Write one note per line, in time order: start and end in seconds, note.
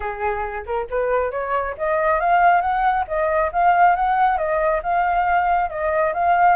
0.00 0.64 G#4
0.65 0.87 A#4
0.90 1.31 B4
1.31 1.75 C#5
1.77 2.20 D#5
2.20 2.61 F5
2.61 3.05 F#5
3.07 3.51 D#5
3.52 3.95 F5
3.95 4.37 F#5
4.37 4.81 D#5
4.82 5.69 F5
5.69 6.13 D#5
6.13 6.56 F5